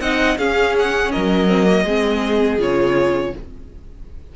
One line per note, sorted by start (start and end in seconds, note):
0.00 0.37 C4
0.00 0.38 D#4
0.00 0.38 D#5
0.00 0.37 F#5
0.38 1.12 C#4
0.38 1.47 C#4
0.38 1.12 G#4
0.38 0.75 F5
0.79 1.12 F#5
1.12 1.84 F#3
1.12 1.83 A#4
1.12 2.60 D#5
1.47 1.64 C4
1.64 1.83 A#3
1.83 2.58 G#3
1.83 2.59 C4
1.83 3.31 G#4
2.58 3.33 C#3
2.58 3.33 F4
2.58 3.36 C#5